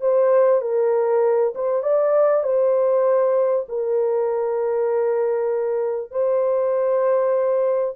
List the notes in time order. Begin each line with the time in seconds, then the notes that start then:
0.00 C5
0.61 A#4
1.54 C5
1.82 D5
2.43 C5
3.68 A#4
6.11 C5